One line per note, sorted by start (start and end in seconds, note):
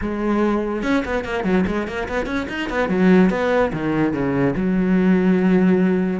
0.01 0.83 G#3
0.83 1.03 C#4
1.05 1.24 B3
1.24 1.44 A#3
1.44 1.64 F#3
1.66 1.87 G#3
1.87 2.08 A#3
2.08 2.26 B3
2.26 2.46 C#4
2.48 2.69 D#4
2.69 2.88 B3
2.88 3.30 F#3
3.30 3.71 B3
3.72 4.13 D#3
4.13 4.54 C#3
4.55 6.20 F#3